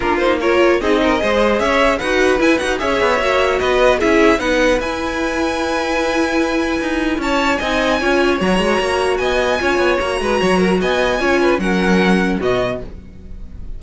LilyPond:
<<
  \new Staff \with { instrumentName = "violin" } { \time 4/4 \tempo 4 = 150 ais'8 c''8 cis''4 dis''2 | e''4 fis''4 gis''8 fis''8 e''4~ | e''4 dis''4 e''4 fis''4 | gis''1~ |
gis''2 a''4 gis''4~ | gis''4 ais''2 gis''4~ | gis''4 ais''2 gis''4~ | gis''4 fis''2 dis''4 | }
  \new Staff \with { instrumentName = "violin" } { \time 4/4 f'4 ais'4 gis'8 ais'8 c''4 | cis''4 b'2 cis''4~ | cis''4 b'4 gis'4 b'4~ | b'1~ |
b'2 cis''4 dis''4 | cis''2. dis''4 | cis''4. b'8 cis''8 ais'8 dis''4 | cis''8 b'8 ais'2 fis'4 | }
  \new Staff \with { instrumentName = "viola" } { \time 4/4 d'8 dis'8 f'4 dis'4 gis'4~ | gis'4 fis'4 e'8 fis'8 gis'4 | fis'2 e'4 dis'4 | e'1~ |
e'2. dis'4 | f'4 fis'2. | f'4 fis'2. | f'4 cis'2 b4 | }
  \new Staff \with { instrumentName = "cello" } { \time 4/4 ais2 c'4 gis4 | cis'4 dis'4 e'8 dis'8 cis'8 b8 | ais4 b4 cis'4 b4 | e'1~ |
e'4 dis'4 cis'4 c'4 | cis'4 fis8 gis8 ais4 b4 | cis'8 b8 ais8 gis8 fis4 b4 | cis'4 fis2 b,4 | }
>>